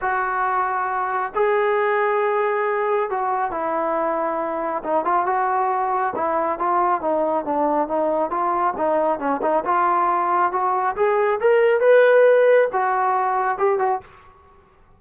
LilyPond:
\new Staff \with { instrumentName = "trombone" } { \time 4/4 \tempo 4 = 137 fis'2. gis'4~ | gis'2. fis'4 | e'2. dis'8 f'8 | fis'2 e'4 f'4 |
dis'4 d'4 dis'4 f'4 | dis'4 cis'8 dis'8 f'2 | fis'4 gis'4 ais'4 b'4~ | b'4 fis'2 g'8 fis'8 | }